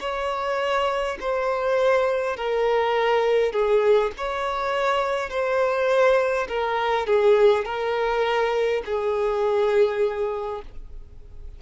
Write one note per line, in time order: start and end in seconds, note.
0.00 1.18 C#5
1.20 2.36 C5
2.36 3.52 A#4
3.52 4.11 G#4
4.17 5.29 C#5
5.29 6.47 C5
6.48 7.06 A#4
7.06 7.65 G#4
7.65 8.82 A#4
8.85 10.61 G#4